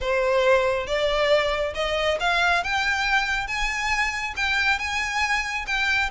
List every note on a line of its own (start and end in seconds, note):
0.00 0.86 C5
0.86 1.73 D5
1.74 2.18 D#5
2.20 2.63 F5
2.63 3.47 G5
3.47 4.34 G#5
4.36 4.78 G5
4.78 5.65 G#5
5.66 6.10 G5